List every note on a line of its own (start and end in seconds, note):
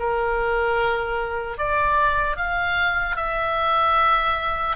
0.00 1.58 A#4
1.58 2.37 D5
2.37 3.17 F5
3.17 4.77 E5